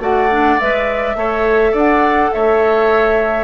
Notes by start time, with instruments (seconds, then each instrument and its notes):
0.00 bassoon A3, clarinet F#4, oboe D5, flute F#5
0.31 clarinet D4
0.60 bassoon G#3, clarinet B4, flute E5
1.15 bassoon A3, clarinet A4, oboe C#5
1.72 bassoon D4, oboe D5, flute F#5
2.33 bassoon A3, oboe C#5, flute E5